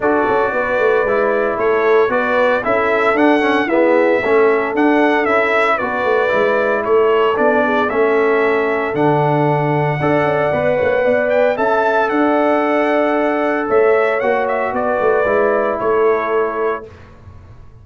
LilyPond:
<<
  \new Staff \with { instrumentName = "trumpet" } { \time 4/4 \tempo 4 = 114 d''2. cis''4 | d''4 e''4 fis''4 e''4~ | e''4 fis''4 e''4 d''4~ | d''4 cis''4 d''4 e''4~ |
e''4 fis''2.~ | fis''4. g''8 a''4 fis''4~ | fis''2 e''4 fis''8 e''8 | d''2 cis''2 | }
  \new Staff \with { instrumentName = "horn" } { \time 4/4 a'4 b'2 a'4 | b'4 a'2 gis'4 | a'2. b'4~ | b'4 a'4. gis'8 a'4~ |
a'2. d''4~ | d''8 cis''8 d''4 e''4 d''4~ | d''2 cis''2 | b'2 a'2 | }
  \new Staff \with { instrumentName = "trombone" } { \time 4/4 fis'2 e'2 | fis'4 e'4 d'8 cis'8 b4 | cis'4 d'4 e'4 fis'4 | e'2 d'4 cis'4~ |
cis'4 d'2 a'4 | b'2 a'2~ | a'2. fis'4~ | fis'4 e'2. | }
  \new Staff \with { instrumentName = "tuba" } { \time 4/4 d'8 cis'8 b8 a8 gis4 a4 | b4 cis'4 d'4 e'4 | a4 d'4 cis'4 b8 a8 | gis4 a4 b4 a4~ |
a4 d2 d'8 cis'8 | b8 ais8 b4 cis'4 d'4~ | d'2 a4 ais4 | b8 a8 gis4 a2 | }
>>